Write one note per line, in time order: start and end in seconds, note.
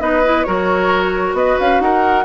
0.00 0.46 B3
0.00 0.23 D#4
0.00 0.47 B4
0.00 0.44 D#5
0.25 0.46 E4
0.44 1.33 F#3
0.44 2.25 F#4
0.44 1.37 A#4
0.44 1.34 C#5
1.33 1.56 B3
1.33 1.83 B4
1.33 1.59 D#5
1.60 1.80 C#4
1.60 1.81 F5
1.80 2.25 D#4
1.80 2.25 A#4
1.80 2.25 F#5